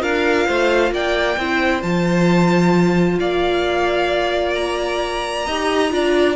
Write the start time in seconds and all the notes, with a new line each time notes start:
0.00 D4 F4 A#4 F5
0.47 A3 C5
0.91 A#3 D5 G5
1.37 C4 E4 C5
1.82 F3 F4 A5
3.20 A#3 D5 F5
4.55 A#5
5.47 D#4 G4 D#5
5.91 D4 F4 D5